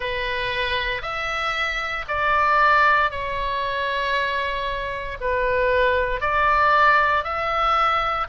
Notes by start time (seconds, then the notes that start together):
0.00 B4
1.02 E5
2.07 D5
3.10 C#5
5.20 B4
6.21 D5
7.24 E5